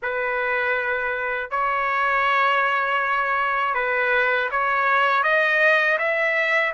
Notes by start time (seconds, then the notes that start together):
0.02 B4
1.50 C#5
3.74 B4
4.51 C#5
5.23 D#5
5.98 E5